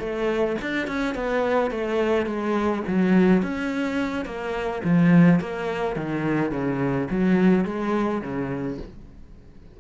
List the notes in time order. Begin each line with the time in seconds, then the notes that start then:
0.00 A3
0.62 D4
0.88 C#4
1.16 B3
1.71 A3
2.26 G#3
2.88 F#3
3.43 C#4
4.26 A#3
4.84 F3
5.40 A#3
5.97 D#3
6.52 C#3
7.11 F#3
7.65 G#3
8.22 C#3